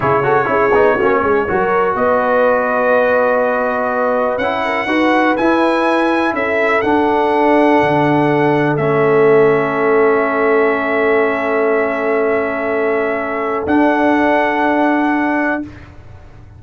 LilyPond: <<
  \new Staff \with { instrumentName = "trumpet" } { \time 4/4 \tempo 4 = 123 cis''1 | dis''1~ | dis''4 fis''2 gis''4~ | gis''4 e''4 fis''2~ |
fis''2 e''2~ | e''1~ | e''1 | fis''1 | }
  \new Staff \with { instrumentName = "horn" } { \time 4/4 gis'8 a'8 gis'4 fis'8 gis'8 ais'4 | b'1~ | b'4. ais'8 b'2~ | b'4 a'2.~ |
a'1~ | a'1~ | a'1~ | a'1 | }
  \new Staff \with { instrumentName = "trombone" } { \time 4/4 e'8 fis'8 e'8 dis'8 cis'4 fis'4~ | fis'1~ | fis'4 e'4 fis'4 e'4~ | e'2 d'2~ |
d'2 cis'2~ | cis'1~ | cis'1 | d'1 | }
  \new Staff \with { instrumentName = "tuba" } { \time 4/4 cis4 cis'8 b8 ais8 gis8 fis4 | b1~ | b4 cis'4 dis'4 e'4~ | e'4 cis'4 d'2 |
d2 a2~ | a1~ | a1 | d'1 | }
>>